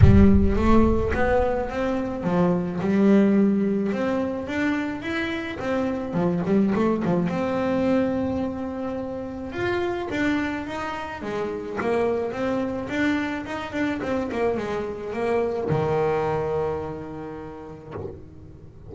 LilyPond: \new Staff \with { instrumentName = "double bass" } { \time 4/4 \tempo 4 = 107 g4 a4 b4 c'4 | f4 g2 c'4 | d'4 e'4 c'4 f8 g8 | a8 f8 c'2.~ |
c'4 f'4 d'4 dis'4 | gis4 ais4 c'4 d'4 | dis'8 d'8 c'8 ais8 gis4 ais4 | dis1 | }